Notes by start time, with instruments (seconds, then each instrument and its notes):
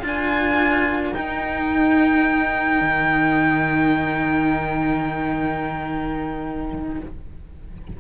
0.00 cello D4 F4, trumpet A#4
0.06 violin G#5
1.14 cello D#4, violin G5
2.81 cello D#3